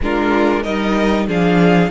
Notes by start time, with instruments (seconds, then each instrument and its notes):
0.01 cello G#3, viola D4, violin F4 A#4
0.62 cello G3, viola D#4, violin A#4 D#5
1.27 cello F3, viola D4, violin G#4 F5